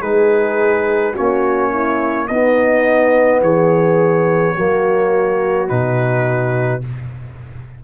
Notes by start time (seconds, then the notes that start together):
0.00 G#3 D#4 G#4 B4
1.13 A#3 C#4 F#4 C#5
1.70 E4
2.27 B3 D#4 D#5
3.41 E3 G#4 C#5
4.55 F#3 A#3 F#4
5.68 B2 D#4 B4